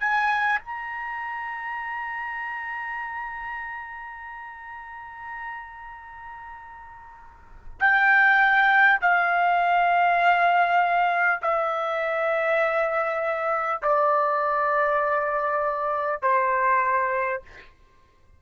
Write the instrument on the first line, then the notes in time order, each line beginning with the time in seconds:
trumpet
0.00 G#5
0.59 A#5
7.80 G5
9.01 F5
11.42 E5
13.82 D5
16.22 C5